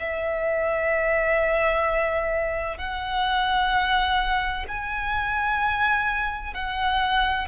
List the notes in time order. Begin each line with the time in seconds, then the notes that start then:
0.00 E5
2.78 F#5
4.68 G#5
6.55 F#5